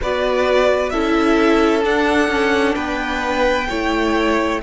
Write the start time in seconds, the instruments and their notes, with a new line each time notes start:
0.01 cello B3, viola F#4, violin B4 D5
0.89 cello C#4, viola E4, violin A4 E5
1.82 viola D4, cello D4, violin F#5
2.28 cello C#4
2.74 cello B3, violin B4 G5
3.69 cello A3, viola E4, violin C#5